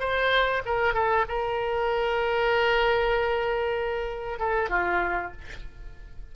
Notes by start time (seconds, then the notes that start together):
0.00 C5
0.66 A#4
0.94 A4
1.28 A#4
4.39 A4
4.69 F4